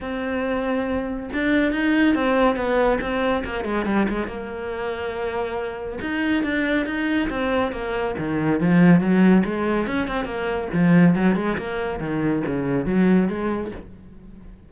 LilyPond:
\new Staff \with { instrumentName = "cello" } { \time 4/4 \tempo 4 = 140 c'2. d'4 | dis'4 c'4 b4 c'4 | ais8 gis8 g8 gis8 ais2~ | ais2 dis'4 d'4 |
dis'4 c'4 ais4 dis4 | f4 fis4 gis4 cis'8 c'8 | ais4 f4 fis8 gis8 ais4 | dis4 cis4 fis4 gis4 | }